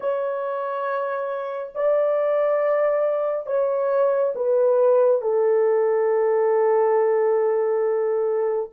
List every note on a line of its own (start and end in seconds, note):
0.00 1.72 C#5
1.74 3.46 D5
3.46 4.33 C#5
4.35 5.21 B4
5.21 8.69 A4